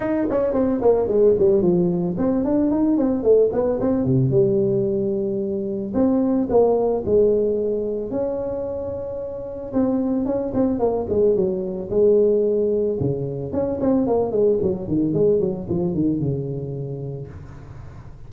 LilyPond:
\new Staff \with { instrumentName = "tuba" } { \time 4/4 \tempo 4 = 111 dis'8 cis'8 c'8 ais8 gis8 g8 f4 | c'8 d'8 dis'8 c'8 a8 b8 c'8 c8 | g2. c'4 | ais4 gis2 cis'4~ |
cis'2 c'4 cis'8 c'8 | ais8 gis8 fis4 gis2 | cis4 cis'8 c'8 ais8 gis8 fis8 dis8 | gis8 fis8 f8 dis8 cis2 | }